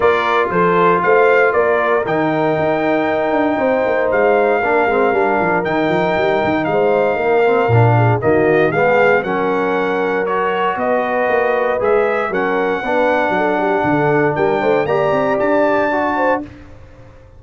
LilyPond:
<<
  \new Staff \with { instrumentName = "trumpet" } { \time 4/4 \tempo 4 = 117 d''4 c''4 f''4 d''4 | g''1 | f''2. g''4~ | g''4 f''2. |
dis''4 f''4 fis''2 | cis''4 dis''2 e''4 | fis''1 | g''4 ais''4 a''2 | }
  \new Staff \with { instrumentName = "horn" } { \time 4/4 ais'4 a'4 c''4 ais'4~ | ais'2. c''4~ | c''4 ais'2.~ | ais'4 c''4 ais'4. gis'8 |
fis'4 gis'4 ais'2~ | ais'4 b'2. | ais'4 b'4 a'8 g'8 a'4 | ais'8 c''8 d''2~ d''8 c''8 | }
  \new Staff \with { instrumentName = "trombone" } { \time 4/4 f'1 | dis'1~ | dis'4 d'8 c'8 d'4 dis'4~ | dis'2~ dis'8 c'8 d'4 |
ais4 b4 cis'2 | fis'2. gis'4 | cis'4 d'2.~ | d'4 g'2 fis'4 | }
  \new Staff \with { instrumentName = "tuba" } { \time 4/4 ais4 f4 a4 ais4 | dis4 dis'4. d'8 c'8 ais8 | gis4 ais8 gis8 g8 f8 dis8 f8 | g8 dis8 gis4 ais4 ais,4 |
dis4 gis4 fis2~ | fis4 b4 ais4 gis4 | fis4 b4 fis4 d4 | g8 a8 ais8 c'8 d'2 | }
>>